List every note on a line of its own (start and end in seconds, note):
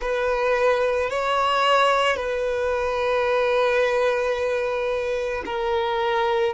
0.01 1.10 B4
1.10 2.16 C#5
2.16 5.43 B4
5.45 6.54 A#4